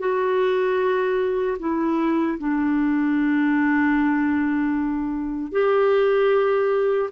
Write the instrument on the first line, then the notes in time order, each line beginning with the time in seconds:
clarinet
0.00 F#4
1.60 E4
2.39 D4
5.52 G4